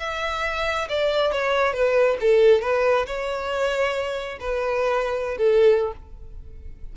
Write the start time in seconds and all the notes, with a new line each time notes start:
0.00 E5
0.89 D5
1.32 C#5
1.73 B4
2.21 A4
2.62 B4
3.07 C#5
4.40 B4
5.38 A4